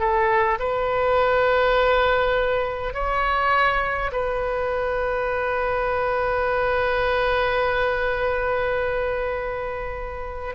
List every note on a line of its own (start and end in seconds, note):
0.00 0.59 A4
0.59 2.94 B4
2.94 4.11 C#5
4.12 10.56 B4